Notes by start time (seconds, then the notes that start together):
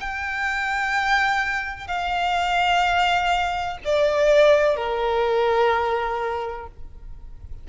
0.00 G5
1.87 F5
3.84 D5
4.76 A#4